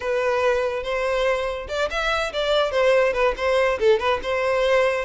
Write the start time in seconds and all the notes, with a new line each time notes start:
0.00 B4
0.83 C5
1.68 D5
1.90 E5
2.32 D5
2.71 C5
3.13 B4
3.37 C5
3.79 A4
3.99 B4
4.22 C5